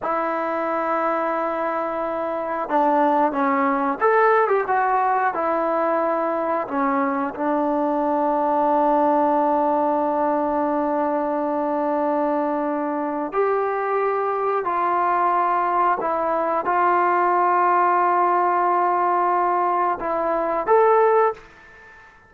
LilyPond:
\new Staff \with { instrumentName = "trombone" } { \time 4/4 \tempo 4 = 90 e'1 | d'4 cis'4 a'8. g'16 fis'4 | e'2 cis'4 d'4~ | d'1~ |
d'1 | g'2 f'2 | e'4 f'2.~ | f'2 e'4 a'4 | }